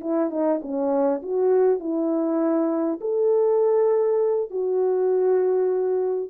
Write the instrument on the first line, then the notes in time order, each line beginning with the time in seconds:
horn
0.00 E4
0.30 D#4
0.62 C#4
1.22 F#4
1.79 E4
3.00 A4
4.50 F#4